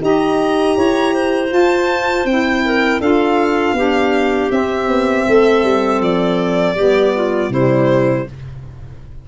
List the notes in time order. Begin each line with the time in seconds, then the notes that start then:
0.00 D#4 G4 D#5 A#5
0.77 E4 C#5
1.13 C5
1.49 F4 A5
2.24 C4 E4 G5
2.65 A#4
3.00 D4 F4 A4 F5
3.73 B3 D4 G4
4.50 C4 E5
4.88 B3
5.27 A3 A4
5.63 G3
6.00 F3 D5
6.75 G3 B3 G4
7.15 F4
7.49 C3 G3 E4 C5